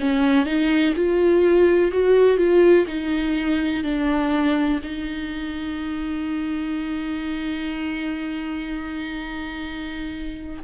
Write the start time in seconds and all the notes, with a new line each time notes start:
0.00 C#4
0.45 D#4
0.96 F4
1.92 F#4
2.37 F4
2.87 D#4
3.84 D4
4.83 D#4